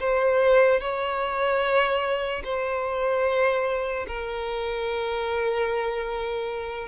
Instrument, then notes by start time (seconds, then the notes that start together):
violin
0.00 C5
0.81 C#5
2.44 C5
4.08 A#4